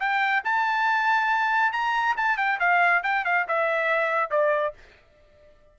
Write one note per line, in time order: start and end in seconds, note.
0.00 0.43 G5
0.45 1.73 A5
1.73 2.16 A#5
2.17 2.37 A5
2.37 2.59 G5
2.60 3.03 F5
3.04 3.25 G5
3.25 3.47 F5
3.48 4.31 E5
4.31 4.74 D5